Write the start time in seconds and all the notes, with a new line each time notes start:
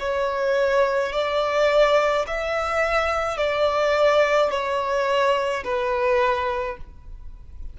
0.00 C#5
1.13 D5
2.27 E5
3.38 D5
4.50 C#5
5.64 B4